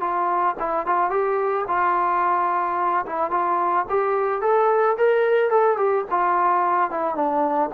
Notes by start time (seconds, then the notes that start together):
0.00 F4
0.59 E4
0.86 F4
1.10 G4
1.68 F4
3.06 E4
3.30 F4
3.89 G4
4.41 A4
4.97 A#4
5.49 A4
5.77 G4
6.10 F4
6.90 E4
7.14 D4